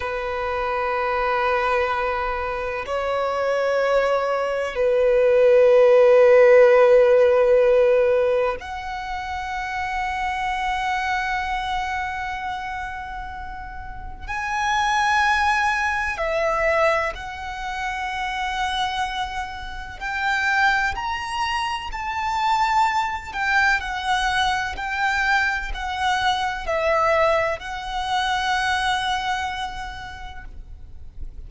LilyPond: \new Staff \with { instrumentName = "violin" } { \time 4/4 \tempo 4 = 63 b'2. cis''4~ | cis''4 b'2.~ | b'4 fis''2.~ | fis''2. gis''4~ |
gis''4 e''4 fis''2~ | fis''4 g''4 ais''4 a''4~ | a''8 g''8 fis''4 g''4 fis''4 | e''4 fis''2. | }